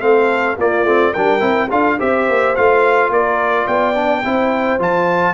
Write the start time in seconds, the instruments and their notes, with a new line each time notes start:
0.00 tuba A3, trombone C4, horn A4, trumpet F5
0.57 tuba A#3, trombone A#3, horn F4, trumpet D5
0.84 tuba A3, trombone C4
1.12 tuba G3, trombone D4, horn A#4, trumpet G5
1.40 tuba C4, trombone E4
1.69 tuba D4, trombone F4, horn A4, trumpet F5
1.98 tuba C4, trombone G4, horn C5, trumpet E5
2.28 tuba A#3
2.55 tuba A3, trombone F4, trumpet F5
3.10 tuba A#3, horn A#4, trumpet D5
3.66 tuba B3, horn D5, trumpet G5
3.95 trombone D4
4.23 tuba C4, trombone E4, horn C5
4.79 tuba F3, trombone F4, trumpet A5